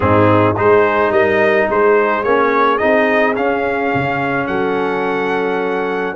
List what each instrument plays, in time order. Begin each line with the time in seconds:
0.00 tuba G#2, trombone C4, horn D#4, trumpet G#4
0.57 tuba G#3, trombone D#4, horn G#4, trumpet C5
1.10 tuba G3, horn A#4, trumpet D#5
1.69 tuba G#3, horn G#4, trumpet C5
2.23 tuba A#3, trombone C#4, trumpet C#5
2.78 tuba C4, trombone D#4, trumpet D#5
3.36 trombone C#4, tuba C#4, trumpet F5
3.94 tuba C#3
4.46 tuba F#3, horn A4, trumpet F#5